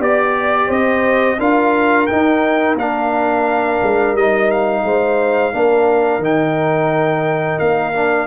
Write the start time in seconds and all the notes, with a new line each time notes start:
0.00 B3 G4 D5
0.68 C4 C5 D#5
1.39 D4 F4 A#4 F5
2.07 D#4 G5
2.75 A#3 D4 F5
3.83 G#3
4.14 G3 D#4 D#5
4.52 F5
4.84 G#3 C5
5.53 A#3 D4 A#4
6.19 D#3 D#4
6.25 G5
7.59 A#3 F5
7.95 D4